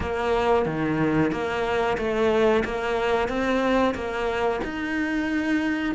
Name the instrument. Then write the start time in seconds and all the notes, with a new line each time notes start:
cello
0.00 A#3
0.65 D#3
1.31 A#3
1.97 A3
2.64 A#3
3.28 C4
3.94 A#3
4.64 D#4